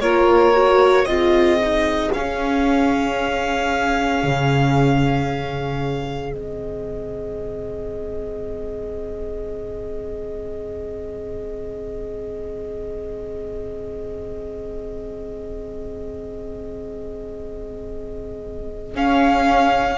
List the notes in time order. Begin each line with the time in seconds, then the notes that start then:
0.00 A#3 F4 A#4 C#5
0.54 F#4
1.04 C4 F4 G#4 D#5
1.60 D#4
2.12 C#4 F5
4.23 C#3
6.30 G#3 C4 D#5
18.95 C#4 F5